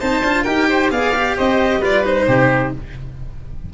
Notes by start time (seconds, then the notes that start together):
0.00 C4 D#4 C5 A5
0.23 D4 F4
0.44 D#4 G4 A#4 G5
0.70 C5
0.91 B3 G#4 D5 F5
1.15 G4
1.37 C4 C5 D#5
1.79 G3 F4 B4 D5
2.04 D#4 C5
2.28 C3 G4